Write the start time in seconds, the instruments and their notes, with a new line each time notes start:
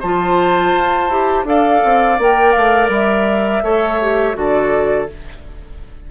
0.00 bassoon F3, clarinet F4, oboe C5, flute A5
0.73 bassoon F4
1.09 bassoon E4, clarinet G4
1.44 bassoon D4, clarinet A4, oboe D5, flute F5
1.84 bassoon C4
2.19 bassoon A#3, clarinet A#4, flute G5
2.52 bassoon A3, flute F5
2.89 bassoon G3, flute E5
3.62 bassoon A3, clarinet A4, oboe C#5
4.01 clarinet G4
4.34 bassoon D3, clarinet F#4, oboe A4, flute D5